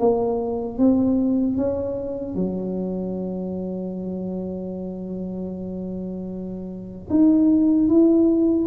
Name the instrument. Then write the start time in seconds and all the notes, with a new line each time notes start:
tuba
0.00 A#3
0.79 C4
1.58 C#4
2.36 F#3
7.10 D#4
7.89 E4